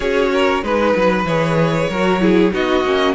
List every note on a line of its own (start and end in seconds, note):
0.00 0.62 C#4
0.00 0.62 F#4
0.00 0.31 G#4
0.00 0.63 C#5
0.32 0.64 A#4
0.62 0.94 G#3
0.62 1.26 D#4
0.62 1.26 B4
0.62 1.89 B4
0.96 1.24 F#3
1.24 1.87 E3
1.24 1.91 G#4
1.24 2.53 C#5
1.89 2.52 F#3
1.89 2.19 F#4
1.89 2.21 A#4
2.19 2.51 E4
2.19 2.53 G#4
2.51 2.84 B3
2.51 2.83 D#4
2.51 3.14 F#4
2.51 3.14 D#5
2.84 3.14 A#3
2.84 3.14 C#4